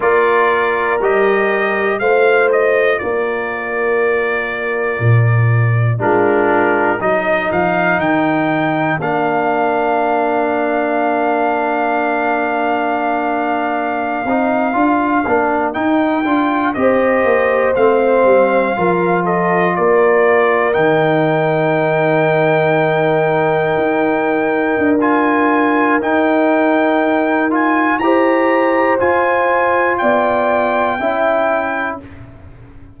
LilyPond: <<
  \new Staff \with { instrumentName = "trumpet" } { \time 4/4 \tempo 4 = 60 d''4 dis''4 f''8 dis''8 d''4~ | d''2 ais'4 dis''8 f''8 | g''4 f''2.~ | f''2.~ f''8. g''16~ |
g''8. dis''4 f''4. dis''8 d''16~ | d''8. g''2.~ g''16~ | g''4 gis''4 g''4. gis''8 | ais''4 gis''4 g''2 | }
  \new Staff \with { instrumentName = "horn" } { \time 4/4 ais'2 c''4 ais'4~ | ais'2 f'4 ais'4~ | ais'1~ | ais'1~ |
ais'8. c''2 ais'8 a'8 ais'16~ | ais'1~ | ais'1 | c''2 d''4 e''4 | }
  \new Staff \with { instrumentName = "trombone" } { \time 4/4 f'4 g'4 f'2~ | f'2 d'4 dis'4~ | dis'4 d'2.~ | d'2~ d'16 dis'8 f'8 d'8 dis'16~ |
dis'16 f'8 g'4 c'4 f'4~ f'16~ | f'8. dis'2.~ dis'16~ | dis'4 f'4 dis'4. f'8 | g'4 f'2 e'4 | }
  \new Staff \with { instrumentName = "tuba" } { \time 4/4 ais4 g4 a4 ais4~ | ais4 ais,4 gis4 fis8 f8 | dis4 ais2.~ | ais2~ ais16 c'8 d'8 ais8 dis'16~ |
dis'16 d'8 c'8 ais8 a8 g8 f4 ais16~ | ais8. dis2. dis'16~ | dis'8. d'4~ d'16 dis'2 | e'4 f'4 b4 cis'4 | }
>>